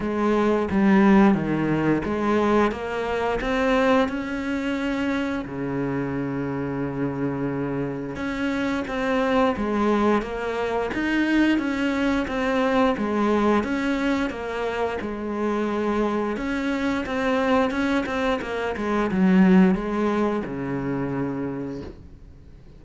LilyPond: \new Staff \with { instrumentName = "cello" } { \time 4/4 \tempo 4 = 88 gis4 g4 dis4 gis4 | ais4 c'4 cis'2 | cis1 | cis'4 c'4 gis4 ais4 |
dis'4 cis'4 c'4 gis4 | cis'4 ais4 gis2 | cis'4 c'4 cis'8 c'8 ais8 gis8 | fis4 gis4 cis2 | }